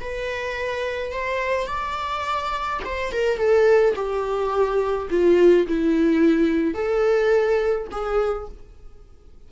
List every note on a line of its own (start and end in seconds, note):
0.00 1.12 B4
1.12 1.67 C5
1.67 2.80 D5
2.85 3.12 C5
3.12 3.38 A#4
3.38 3.94 A4
3.95 5.09 G4
5.10 5.67 F4
5.67 6.74 E4
6.74 7.87 A4
7.92 8.48 G#4